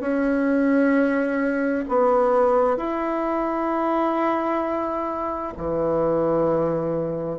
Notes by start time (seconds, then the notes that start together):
0.00 C#4
1.88 B3
2.77 E4
5.56 E3